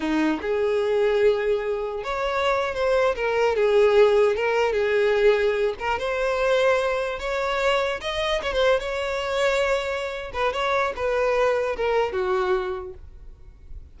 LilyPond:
\new Staff \with { instrumentName = "violin" } { \time 4/4 \tempo 4 = 148 dis'4 gis'2.~ | gis'4 cis''4.~ cis''16 c''4 ais'16~ | ais'8. gis'2 ais'4 gis'16~ | gis'2~ gis'16 ais'8 c''4~ c''16~ |
c''4.~ c''16 cis''2 dis''16~ | dis''8. cis''16 c''8. cis''2~ cis''16~ | cis''4. b'8 cis''4 b'4~ | b'4 ais'4 fis'2 | }